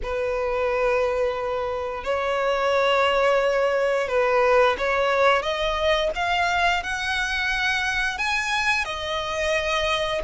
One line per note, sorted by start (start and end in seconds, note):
0.02 2.03 B4
2.03 4.08 C#5
4.08 4.76 B4
4.78 5.42 C#5
5.42 6.10 D#5
6.15 6.83 F5
6.83 8.18 F#5
8.18 8.85 G#5
8.85 10.21 D#5